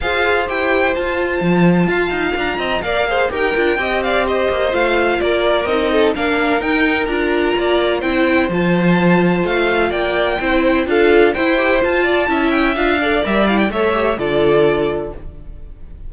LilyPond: <<
  \new Staff \with { instrumentName = "violin" } { \time 4/4 \tempo 4 = 127 f''4 g''4 a''2~ | a''4 ais''4 f''4 g''4~ | g''8 f''8 dis''4 f''4 d''4 | dis''4 f''4 g''4 ais''4~ |
ais''4 g''4 a''2 | f''4 g''2 f''4 | g''4 a''4. g''8 f''4 | e''8 f''16 g''16 e''4 d''2 | }
  \new Staff \with { instrumentName = "violin" } { \time 4/4 c''1 | f''4. dis''8 d''8 c''8 ais'4 | dis''8 d''8 c''2 ais'4~ | ais'8 a'8 ais'2. |
d''4 c''2.~ | c''4 d''4 c''4 a'4 | c''4. d''8 e''4. d''8~ | d''4 cis''4 a'2 | }
  \new Staff \with { instrumentName = "viola" } { \time 4/4 gis'4 g'4 f'2~ | f'2 ais'8 gis'8 g'8 f'8 | g'2 f'2 | dis'4 d'4 dis'4 f'4~ |
f'4 e'4 f'2~ | f'2 e'4 f'4 | e'8 g'8 f'4 e'4 f'8 a'8 | ais'8 e'8 a'8 g'8 f'2 | }
  \new Staff \with { instrumentName = "cello" } { \time 4/4 f'4 e'4 f'4 f4 | f'8 dis'8 d'8 c'8 ais4 dis'8 d'8 | c'4. ais8 a4 ais4 | c'4 ais4 dis'4 d'4 |
ais4 c'4 f2 | a4 ais4 c'4 d'4 | e'4 f'4 cis'4 d'4 | g4 a4 d2 | }
>>